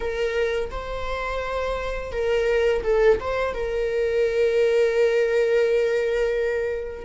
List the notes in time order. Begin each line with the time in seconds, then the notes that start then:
0.00 A#4
0.71 C5
2.12 A#4
2.83 A4
3.20 C5
3.54 A#4